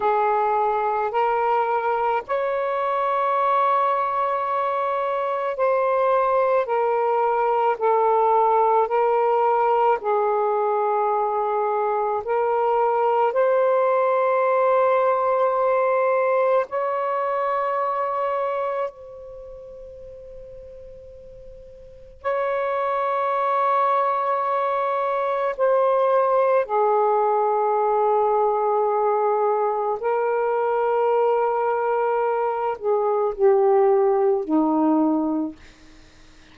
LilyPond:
\new Staff \with { instrumentName = "saxophone" } { \time 4/4 \tempo 4 = 54 gis'4 ais'4 cis''2~ | cis''4 c''4 ais'4 a'4 | ais'4 gis'2 ais'4 | c''2. cis''4~ |
cis''4 c''2. | cis''2. c''4 | gis'2. ais'4~ | ais'4. gis'8 g'4 dis'4 | }